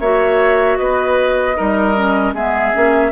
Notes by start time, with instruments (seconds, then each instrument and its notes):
0.00 bassoon A#3, clarinet F#4, oboe C#5, flute E5
0.78 bassoon B3, oboe B4, flute D#5
1.55 bassoon G3, clarinet D#4, oboe A#4
1.96 clarinet C#4
2.34 bassoon G#3, clarinet B3, oboe G#4, flute E5
2.74 bassoon A#3, clarinet C#4